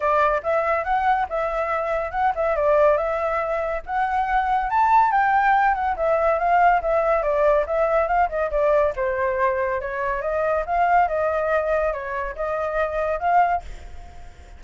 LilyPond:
\new Staff \with { instrumentName = "flute" } { \time 4/4 \tempo 4 = 141 d''4 e''4 fis''4 e''4~ | e''4 fis''8 e''8 d''4 e''4~ | e''4 fis''2 a''4 | g''4. fis''8 e''4 f''4 |
e''4 d''4 e''4 f''8 dis''8 | d''4 c''2 cis''4 | dis''4 f''4 dis''2 | cis''4 dis''2 f''4 | }